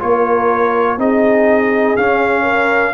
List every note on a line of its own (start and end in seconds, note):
0.00 0.98 A#3
0.00 0.98 F4
0.00 1.00 A#4
0.00 1.00 C#5
0.98 1.96 C4
0.98 1.97 D#4
0.98 2.43 G#4
0.98 1.97 D#5
1.97 2.94 C#4
1.97 2.94 F5
2.43 2.92 A#4